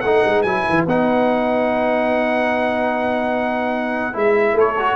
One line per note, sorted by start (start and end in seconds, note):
0.00 0.24 A3
0.00 0.46 D#4
0.00 4.55 B4
0.00 0.41 F#5
0.25 0.44 G#3
0.42 0.64 F#3
0.42 0.87 E4
0.42 0.83 G#5
0.69 0.86 E3
0.86 4.15 B3
0.86 4.13 D#4
0.86 4.17 F#5
4.13 4.53 G#3
4.13 4.75 E4
4.13 4.58 E5
4.53 4.94 A3
4.53 4.95 A4
4.53 4.95 C#5
4.79 4.95 F#4